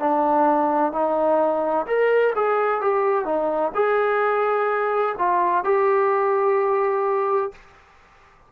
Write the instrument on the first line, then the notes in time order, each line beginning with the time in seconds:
trombone
0.00 D4
0.92 D#4
1.87 A#4
2.36 G#4
2.81 G4
3.25 D#4
3.75 G#4
5.18 F4
5.65 G4